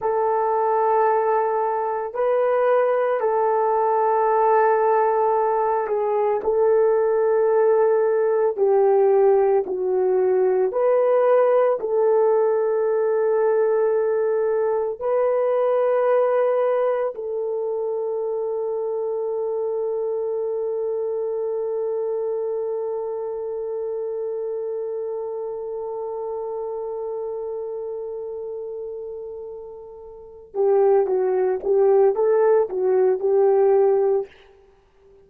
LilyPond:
\new Staff \with { instrumentName = "horn" } { \time 4/4 \tempo 4 = 56 a'2 b'4 a'4~ | a'4. gis'8 a'2 | g'4 fis'4 b'4 a'4~ | a'2 b'2 |
a'1~ | a'1~ | a'1~ | a'8 g'8 fis'8 g'8 a'8 fis'8 g'4 | }